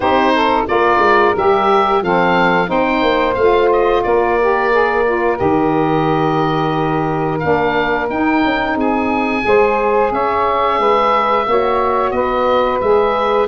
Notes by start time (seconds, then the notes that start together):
0.00 C4 D#4 G4 C5
0.34 A4
0.66 A#3 F4 A#4 D5
0.97 G#3
1.36 G3 G4 E5
2.01 F3 C4 A4 F5
2.66 C4 D#4 C5 G5
3.02 A#3
3.34 A3 F4 F5
3.72 D#5
4.03 A#3 A#4 D5
4.40 G4
4.70 G#4
5.05 F4
5.36 D#3 G4 D#5
7.39 A#3 D4 F5
8.09 D#4 G5
8.44 C#4
8.75 C4 G#4 G#5
9.41 G#3 G#4 C5
10.11 C#4 C#5 E5
10.78 G#3 B4
11.46 A#3 F#4 C#5
12.11 B3 B4 D#5
12.80 G#3 G#4 E5